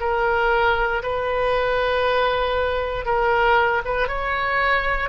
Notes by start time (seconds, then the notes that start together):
0.00 A#4
1.03 B4
3.05 A#4
3.85 B4
4.08 C#5